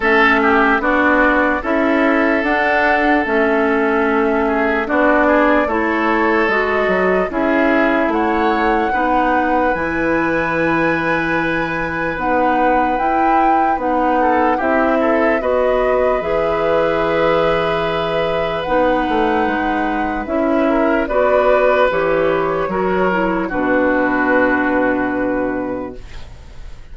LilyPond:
<<
  \new Staff \with { instrumentName = "flute" } { \time 4/4 \tempo 4 = 74 e''4 d''4 e''4 fis''4 | e''2 d''4 cis''4 | dis''4 e''4 fis''2 | gis''2. fis''4 |
g''4 fis''4 e''4 dis''4 | e''2. fis''4~ | fis''4 e''4 d''4 cis''4~ | cis''4 b'2. | }
  \new Staff \with { instrumentName = "oboe" } { \time 4/4 a'8 g'8 fis'4 a'2~ | a'4. gis'8 fis'8 gis'8 a'4~ | a'4 gis'4 cis''4 b'4~ | b'1~ |
b'4. a'8 g'8 a'8 b'4~ | b'1~ | b'4. ais'8 b'2 | ais'4 fis'2. | }
  \new Staff \with { instrumentName = "clarinet" } { \time 4/4 cis'4 d'4 e'4 d'4 | cis'2 d'4 e'4 | fis'4 e'2 dis'4 | e'2. dis'4 |
e'4 dis'4 e'4 fis'4 | gis'2. dis'4~ | dis'4 e'4 fis'4 g'4 | fis'8 e'8 d'2. | }
  \new Staff \with { instrumentName = "bassoon" } { \time 4/4 a4 b4 cis'4 d'4 | a2 b4 a4 | gis8 fis8 cis'4 a4 b4 | e2. b4 |
e'4 b4 c'4 b4 | e2. b8 a8 | gis4 cis'4 b4 e4 | fis4 b,2. | }
>>